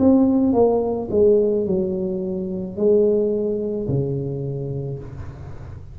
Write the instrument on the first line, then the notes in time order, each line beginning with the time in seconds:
tuba
0.00 C4
0.54 A#3
1.11 G#3
1.67 F#3
2.77 G#3
3.88 C#3